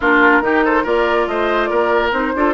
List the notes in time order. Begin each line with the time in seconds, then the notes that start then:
0.00 A#3 D4 F4 A#4
0.40 D#3 D#4 G4
0.64 A4 C5
0.83 A#3 F4 A#4 D5
1.27 A3 C5 D#5
1.66 A#3 A#4 D5
2.11 C4 D#4 C5
2.35 D4 F4 A4